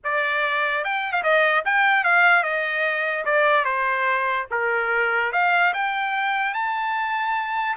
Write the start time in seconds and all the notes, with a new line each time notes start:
0.03 D5
0.84 G5
1.12 F5
1.23 D#5
1.65 G5
2.04 F5
2.43 D#5
3.25 D5
3.65 C5
4.50 A#4
5.32 F5
5.73 G5
6.54 A5